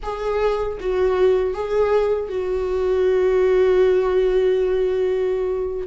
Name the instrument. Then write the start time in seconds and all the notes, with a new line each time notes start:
viola
0.02 G#4
0.80 F#4
1.54 G#4
2.29 F#4